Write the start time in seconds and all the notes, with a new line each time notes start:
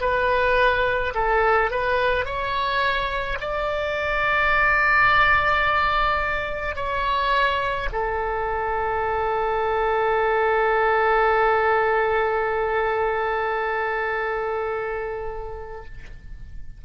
0.00 B4
1.14 A4
1.71 B4
2.25 C#5
3.40 D5
6.76 C#5
7.92 A4